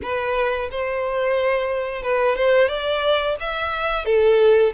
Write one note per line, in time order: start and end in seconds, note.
0.02 0.69 B4
0.70 2.02 C5
2.02 2.36 B4
2.36 2.68 C5
2.68 3.36 D5
3.40 4.05 E5
4.05 4.72 A4